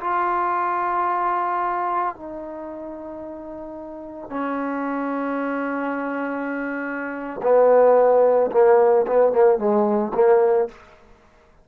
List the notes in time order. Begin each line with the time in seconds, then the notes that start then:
0.00 F4
2.15 D#4
4.29 C#4
7.43 B3
8.52 A#3
9.07 B3
9.33 A#3
9.58 G#3
10.14 A#3